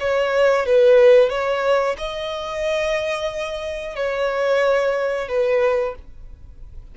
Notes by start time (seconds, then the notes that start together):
0.00 C#5
0.66 B4
1.30 C#5
1.98 D#5
3.96 C#5
5.29 B4